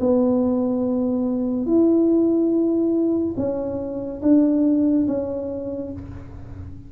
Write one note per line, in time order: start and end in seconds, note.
0.00 1.66 B3
1.66 3.35 E4
3.36 4.21 C#4
4.22 5.06 D4
5.07 5.92 C#4